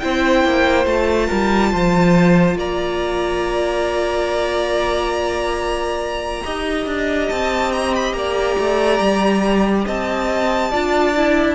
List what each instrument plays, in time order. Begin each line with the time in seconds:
0.00 cello C4, viola E4, violin C5 G5
0.45 cello A#3
0.86 cello A3, viola F4, violin A5
1.27 cello G3, violin A#4
1.72 cello F3, violin C5
2.56 cello A#3, violin D5 A#5
6.44 cello D#4, viola G4, violin D#5
6.86 cello D4
7.29 cello C4, violin A5
7.72 violin A#5
7.96 violin B5
8.13 cello A#3, violin D5 A#5
8.59 cello A3
9.00 cello G3
9.86 cello C4, violin D#5 A5
10.71 cello D4, viola F4, violin D5
11.16 viola E4